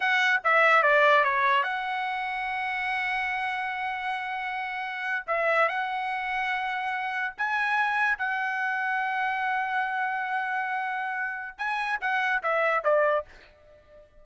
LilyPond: \new Staff \with { instrumentName = "trumpet" } { \time 4/4 \tempo 4 = 145 fis''4 e''4 d''4 cis''4 | fis''1~ | fis''1~ | fis''8. e''4 fis''2~ fis''16~ |
fis''4.~ fis''16 gis''2 fis''16~ | fis''1~ | fis''1 | gis''4 fis''4 e''4 d''4 | }